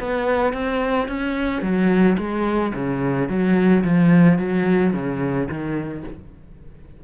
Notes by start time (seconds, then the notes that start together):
0.00 B3
0.54 C4
1.08 C#4
1.62 F#3
2.18 G#3
2.74 C#3
3.29 F#3
3.84 F3
4.39 F#3
4.94 C#3
5.49 D#3